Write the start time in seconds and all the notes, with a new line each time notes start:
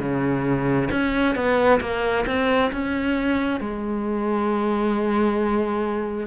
0.00 C#3
0.91 C#4
1.36 B3
1.81 A#3
2.27 C4
2.73 C#4
3.61 G#3